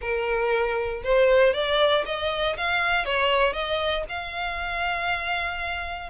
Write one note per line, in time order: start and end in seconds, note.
0.01 1.02 A#4
1.03 1.53 C5
1.53 2.04 D5
2.05 2.56 D#5
2.57 3.05 F5
3.05 3.53 C#5
3.53 4.04 D#5
4.08 6.10 F5